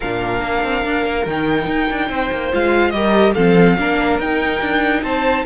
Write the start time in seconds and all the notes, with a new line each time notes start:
0.00 A#2 D4 A#4 F5
0.41 A#3
0.63 C4
0.85 D4
1.05 A#3
1.25 D#3 D#4 G5
1.66 D#4
1.91 D4
2.09 C4 C5
2.31 A#3
2.52 G#3 F4 F5
2.90 G3 G4 A#4 D#5
3.34 F3 C4 A4 F5
3.77 A#3 D4 A#4
4.18 D#4 G5
4.60 D4
5.02 C4 C5 A5